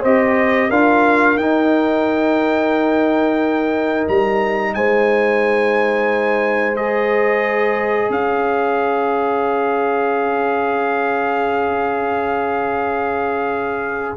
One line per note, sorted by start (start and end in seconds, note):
0.00 0.70 C4
0.00 0.71 G4
0.00 0.67 C5
0.00 0.70 D#5
0.69 1.35 D4
0.69 1.37 F4
0.69 4.74 A#4
0.69 1.37 F5
1.35 4.05 D#4
1.35 6.76 D#4
1.35 4.07 G5
4.08 4.75 G3
4.08 4.74 A#5
4.74 8.09 G#3
4.74 8.12 C5
4.74 6.76 G#5
6.76 14.16 G#4
6.76 8.11 D#5
8.09 14.16 C#4
8.09 14.16 C#5
8.09 14.16 F5